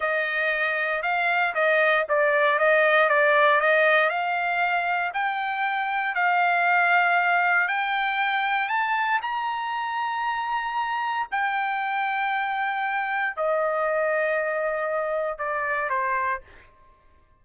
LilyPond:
\new Staff \with { instrumentName = "trumpet" } { \time 4/4 \tempo 4 = 117 dis''2 f''4 dis''4 | d''4 dis''4 d''4 dis''4 | f''2 g''2 | f''2. g''4~ |
g''4 a''4 ais''2~ | ais''2 g''2~ | g''2 dis''2~ | dis''2 d''4 c''4 | }